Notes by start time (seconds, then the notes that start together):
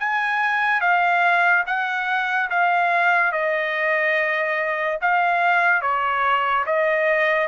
0.00 G#5
0.81 F5
1.67 F#5
2.50 F5
3.33 D#5
5.02 F5
5.82 C#5
6.66 D#5